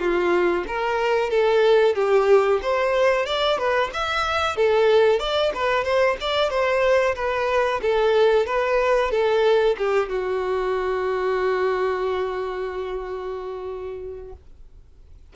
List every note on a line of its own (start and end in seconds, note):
0.00 0.65 F4
0.68 1.30 A#4
1.30 1.95 A4
1.95 2.61 G4
2.63 3.26 C5
3.26 3.59 D5
3.59 3.91 B4
3.94 4.57 E5
4.57 5.20 A4
5.20 5.53 D5
5.55 5.85 B4
5.85 6.17 C5
6.21 6.50 D5
6.50 7.16 C5
7.16 7.81 B4
7.82 8.47 A4
8.47 9.11 B4
9.11 9.77 A4
9.78 10.09 G4
10.09 14.33 F#4